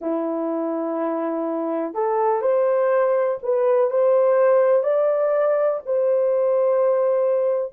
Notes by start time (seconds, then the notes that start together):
0.01 E4
1.94 A4
2.41 C5
3.42 B4
3.90 C5
4.83 D5
5.85 C5